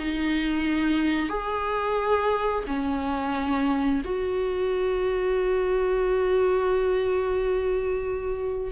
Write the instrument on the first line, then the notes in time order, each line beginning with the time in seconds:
viola
0.00 D#4
1.29 G#4
2.68 C#4
4.05 F#4